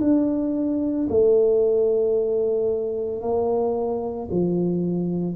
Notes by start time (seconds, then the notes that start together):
0.00 D4
1.09 A3
3.21 A#3
4.31 F3